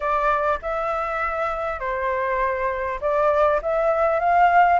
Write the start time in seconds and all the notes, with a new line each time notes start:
0.00 D5
0.62 E5
1.79 C5
3.00 D5
3.62 E5
4.19 F5